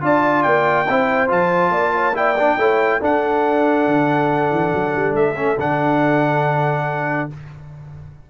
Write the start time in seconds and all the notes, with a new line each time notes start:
0.00 D4 F4 D5 A5
0.42 A#3 G5
0.88 C4 E4 C5
1.28 F3 F4 A5
1.70 A#3 D5
1.94 C#5
2.13 E4 D5 G5
2.38 D4
2.57 A3 E4 C#5
3.00 D4 A4 F#5
3.86 D3
4.50 E3
4.73 F#3
4.95 G3
5.14 A3 E5
5.35 C#4
5.57 D3 D4 F#5